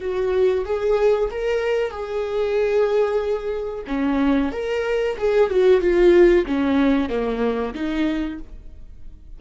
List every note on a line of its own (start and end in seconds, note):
0.00 0.65 F#4
0.65 1.30 G#4
1.31 1.91 A#4
1.91 3.84 G#4
3.87 4.52 C#4
4.52 5.16 A#4
5.18 5.50 G#4
5.50 5.81 F#4
5.81 6.45 F4
6.46 7.09 C#4
7.09 7.74 A#3
7.74 8.38 D#4